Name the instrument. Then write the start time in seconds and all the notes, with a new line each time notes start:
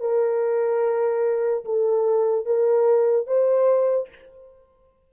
horn
0.00 A#4
1.65 A4
2.45 A#4
3.27 C5